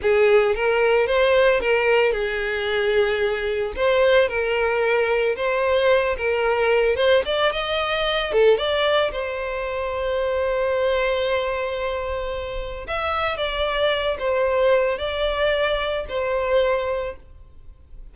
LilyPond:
\new Staff \with { instrumentName = "violin" } { \time 4/4 \tempo 4 = 112 gis'4 ais'4 c''4 ais'4 | gis'2. c''4 | ais'2 c''4. ais'8~ | ais'4 c''8 d''8 dis''4. a'8 |
d''4 c''2.~ | c''1 | e''4 d''4. c''4. | d''2 c''2 | }